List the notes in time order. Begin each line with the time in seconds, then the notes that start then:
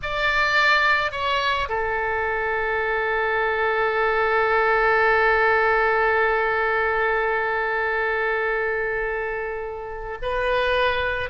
0.02 D5
1.11 C#5
1.68 A4
10.21 B4